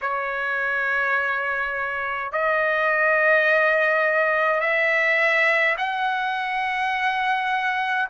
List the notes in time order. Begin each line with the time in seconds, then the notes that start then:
0.01 C#5
2.32 D#5
4.60 E5
5.77 F#5